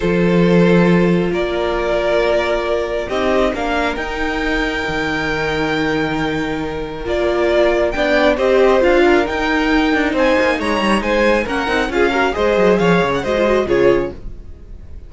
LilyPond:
<<
  \new Staff \with { instrumentName = "violin" } { \time 4/4 \tempo 4 = 136 c''2. d''4~ | d''2. dis''4 | f''4 g''2.~ | g''1 |
d''2 g''4 dis''4 | f''4 g''2 gis''4 | ais''4 gis''4 fis''4 f''4 | dis''4 f''8. fis''16 dis''4 cis''4 | }
  \new Staff \with { instrumentName = "violin" } { \time 4/4 a'2. ais'4~ | ais'2. g'4 | ais'1~ | ais'1~ |
ais'2 d''4 c''4~ | c''8 ais'2~ ais'8 c''4 | cis''4 c''4 ais'4 gis'8 ais'8 | c''4 cis''4 c''4 gis'4 | }
  \new Staff \with { instrumentName = "viola" } { \time 4/4 f'1~ | f'2. dis'4 | d'4 dis'2.~ | dis'1 |
f'2 d'4 g'4 | f'4 dis'2.~ | dis'2 cis'8 dis'8 f'8 fis'8 | gis'2 fis'16 f'16 fis'8 f'4 | }
  \new Staff \with { instrumentName = "cello" } { \time 4/4 f2. ais4~ | ais2. c'4 | ais4 dis'2 dis4~ | dis1 |
ais2 b4 c'4 | d'4 dis'4. d'8 c'8 ais8 | gis8 g8 gis4 ais8 c'8 cis'4 | gis8 fis8 f8 cis8 gis4 cis4 | }
>>